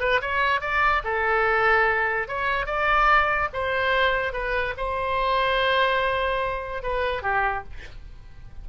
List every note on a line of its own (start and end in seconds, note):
0.00 0.21 B4
0.21 0.61 C#5
0.61 1.02 D5
1.04 2.28 A4
2.28 2.66 C#5
2.66 3.49 D5
3.53 4.33 C5
4.33 4.74 B4
4.77 6.83 C5
6.83 7.22 B4
7.22 7.64 G4